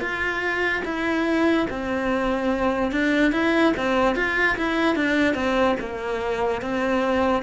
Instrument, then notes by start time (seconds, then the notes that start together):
cello
0.00 F4
0.84 E4
1.70 C4
2.91 D4
3.31 E4
3.76 C4
4.15 F4
4.57 E4
4.95 D4
5.34 C4
5.79 A#3
6.61 C4